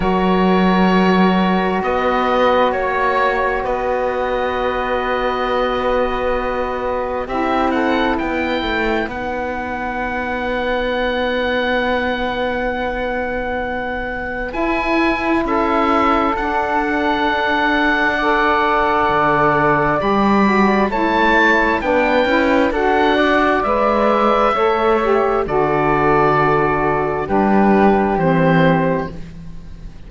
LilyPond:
<<
  \new Staff \with { instrumentName = "oboe" } { \time 4/4 \tempo 4 = 66 cis''2 dis''4 cis''4 | dis''1 | e''8 fis''8 g''4 fis''2~ | fis''1 |
gis''4 e''4 fis''2~ | fis''2 b''4 a''4 | g''4 fis''4 e''2 | d''2 b'4 c''4 | }
  \new Staff \with { instrumentName = "flute" } { \time 4/4 ais'2 b'4 cis''4 | b'1 | g'8 a'8 b'2.~ | b'1~ |
b'4 a'2. | d''2. cis''4 | b'4 a'8 d''4. cis''4 | a'2 g'2 | }
  \new Staff \with { instrumentName = "saxophone" } { \time 4/4 fis'1~ | fis'1 | e'2 dis'2~ | dis'1 |
e'2 d'2 | a'2 g'8 fis'8 e'4 | d'8 e'8 fis'4 b'4 a'8 g'8 | fis'2 d'4 c'4 | }
  \new Staff \with { instrumentName = "cello" } { \time 4/4 fis2 b4 ais4 | b1 | c'4 b8 a8 b2~ | b1 |
e'4 cis'4 d'2~ | d'4 d4 g4 a4 | b8 cis'8 d'4 gis4 a4 | d2 g4 e4 | }
>>